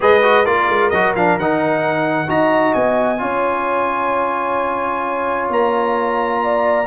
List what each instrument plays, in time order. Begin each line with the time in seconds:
0.00 tuba G#3, trombone G#4, horn B4, trumpet D#5
0.22 trombone F#4
0.44 tuba A#3, trombone F4, horn A#4, trumpet D5
0.68 tuba G#3
0.90 tuba F#3, trombone F#4, trumpet D#5
1.15 tuba F3, trombone D4, trumpet F5
1.37 tuba D#3, trombone D#4, trumpet F#5
2.27 tuba D#4, trombone F#4, horn D#5, trumpet A#5
2.73 tuba B3, trumpet G#5
3.18 tuba C#4, trombone F4, horn C#5
5.49 tuba A#3, trumpet A#5
6.43 horn D5